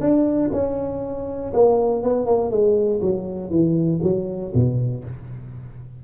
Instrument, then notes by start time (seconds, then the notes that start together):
tuba
0.00 D4
0.53 C#4
1.53 A#3
2.03 B3
2.26 A#3
2.51 G#3
3.01 F#3
3.50 E3
4.02 F#3
4.54 B2